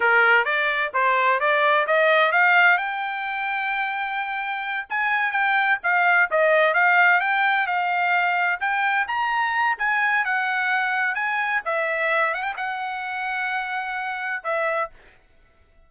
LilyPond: \new Staff \with { instrumentName = "trumpet" } { \time 4/4 \tempo 4 = 129 ais'4 d''4 c''4 d''4 | dis''4 f''4 g''2~ | g''2~ g''8 gis''4 g''8~ | g''8 f''4 dis''4 f''4 g''8~ |
g''8 f''2 g''4 ais''8~ | ais''4 gis''4 fis''2 | gis''4 e''4. fis''16 g''16 fis''4~ | fis''2. e''4 | }